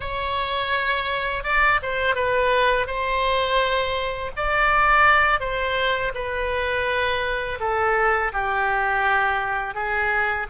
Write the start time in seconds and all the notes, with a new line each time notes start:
0.00 C#5
1.43 D5
1.82 C5
2.15 B4
2.86 C5
4.36 D5
5.40 C5
6.14 B4
7.59 A4
8.33 G4
9.74 G#4